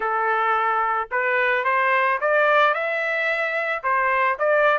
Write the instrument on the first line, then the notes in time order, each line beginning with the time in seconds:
trumpet
0.00 A4
1.11 B4
1.64 C5
2.20 D5
2.73 E5
3.83 C5
4.38 D5